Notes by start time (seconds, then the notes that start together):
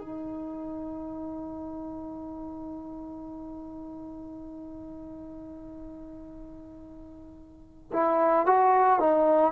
0.00 D#4
7.93 E4
8.46 F#4
9.00 D#4